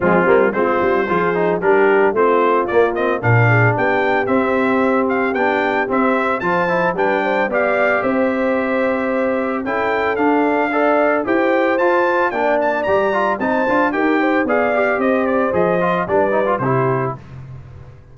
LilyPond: <<
  \new Staff \with { instrumentName = "trumpet" } { \time 4/4 \tempo 4 = 112 f'4 c''2 ais'4 | c''4 d''8 dis''8 f''4 g''4 | e''4. f''8 g''4 e''4 | a''4 g''4 f''4 e''4~ |
e''2 g''4 f''4~ | f''4 g''4 a''4 g''8 a''8 | ais''4 a''4 g''4 f''4 | dis''8 d''8 dis''4 d''4 c''4 | }
  \new Staff \with { instrumentName = "horn" } { \time 4/4 c'4 f'4 gis'4 g'4 | f'2 ais'8 gis'8 g'4~ | g'1 | c''4 b'8 c''8 d''4 c''4~ |
c''2 a'2 | d''4 c''2 d''4~ | d''4 c''4 ais'8 c''8 d''4 | c''2 b'4 g'4 | }
  \new Staff \with { instrumentName = "trombone" } { \time 4/4 gis8 ais8 c'4 f'8 dis'8 d'4 | c'4 ais8 c'8 d'2 | c'2 d'4 c'4 | f'8 e'8 d'4 g'2~ |
g'2 e'4 d'4 | a'4 g'4 f'4 d'4 | g'8 f'8 dis'8 f'8 g'4 gis'8 g'8~ | g'4 gis'8 f'8 d'8 dis'16 f'16 e'4 | }
  \new Staff \with { instrumentName = "tuba" } { \time 4/4 f8 g8 gis8 g8 f4 g4 | a4 ais4 ais,4 b4 | c'2 b4 c'4 | f4 g4 b4 c'4~ |
c'2 cis'4 d'4~ | d'4 e'4 f'4 ais4 | g4 c'8 d'8 dis'4 b4 | c'4 f4 g4 c4 | }
>>